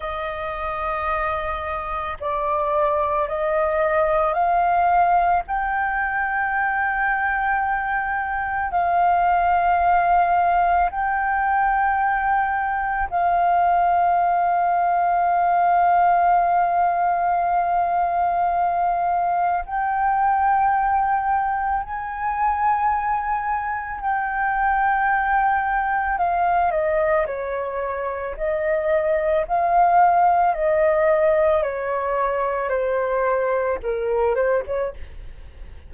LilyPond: \new Staff \with { instrumentName = "flute" } { \time 4/4 \tempo 4 = 55 dis''2 d''4 dis''4 | f''4 g''2. | f''2 g''2 | f''1~ |
f''2 g''2 | gis''2 g''2 | f''8 dis''8 cis''4 dis''4 f''4 | dis''4 cis''4 c''4 ais'8 c''16 cis''16 | }